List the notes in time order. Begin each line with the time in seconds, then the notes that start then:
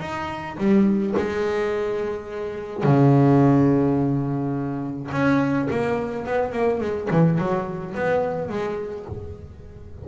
0.00 D#4
0.58 G3
1.17 G#3
2.84 C#3
5.11 C#4
5.70 A#3
6.26 B3
6.52 A#3
6.80 G#3
7.11 E3
7.38 F#3
7.95 B3
8.49 G#3